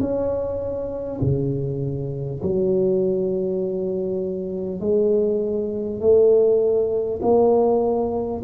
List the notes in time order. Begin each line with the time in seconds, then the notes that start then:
0.00 C#4
1.21 C#3
2.42 F#3
4.80 G#3
6.00 A3
7.22 A#3